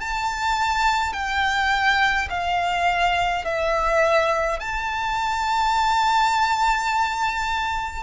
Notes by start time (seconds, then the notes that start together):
0.00 A5
1.13 G5
2.29 F5
3.45 E5
4.59 A5